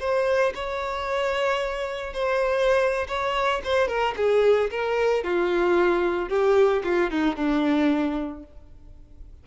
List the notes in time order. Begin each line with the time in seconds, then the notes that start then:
0.00 C5
0.55 C#5
2.14 C5
3.08 C#5
3.65 C5
3.88 A#4
4.17 G#4
4.71 A#4
5.24 F4
6.29 G4
6.84 F4
7.11 D#4
7.36 D4